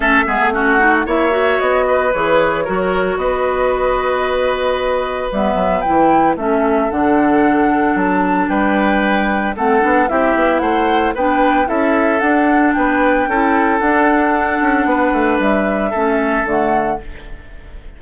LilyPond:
<<
  \new Staff \with { instrumentName = "flute" } { \time 4/4 \tempo 4 = 113 e''4 fis''4 e''4 dis''4 | cis''2 dis''2~ | dis''2 e''4 g''4 | e''4 fis''2 a''4 |
g''2 fis''4 e''4 | fis''4 g''4 e''4 fis''4 | g''2 fis''2~ | fis''4 e''2 fis''4 | }
  \new Staff \with { instrumentName = "oboe" } { \time 4/4 a'8 gis'8 fis'4 cis''4. b'8~ | b'4 ais'4 b'2~ | b'1 | a'1 |
b'2 a'4 g'4 | c''4 b'4 a'2 | b'4 a'2. | b'2 a'2 | }
  \new Staff \with { instrumentName = "clarinet" } { \time 4/4 cis'8 b8 cis'8 dis'8 e'8 fis'4. | gis'4 fis'2.~ | fis'2 b4 e'4 | cis'4 d'2.~ |
d'2 c'8 d'8 e'4~ | e'4 d'4 e'4 d'4~ | d'4 e'4 d'2~ | d'2 cis'4 a4 | }
  \new Staff \with { instrumentName = "bassoon" } { \time 4/4 a8 gis16 a4~ a16 ais4 b4 | e4 fis4 b2~ | b2 g8 fis8 e4 | a4 d2 fis4 |
g2 a8 b8 c'8 b8 | a4 b4 cis'4 d'4 | b4 cis'4 d'4. cis'8 | b8 a8 g4 a4 d4 | }
>>